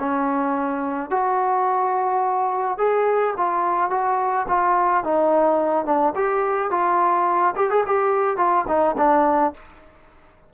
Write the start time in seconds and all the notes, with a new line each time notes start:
0.00 C#4
1.11 F#4
2.78 G#4
3.37 F4
3.91 F#4
4.49 F4
5.04 D#4
5.86 D4
6.16 G4
6.71 F4
7.56 G4
7.71 G#4
7.87 G4
8.37 F4
8.68 D#4
8.98 D4